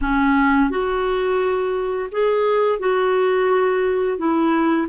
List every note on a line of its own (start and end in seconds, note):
0.01 0.69 C#4
0.69 2.09 F#4
2.11 2.79 G#4
2.79 4.17 F#4
4.17 4.87 E4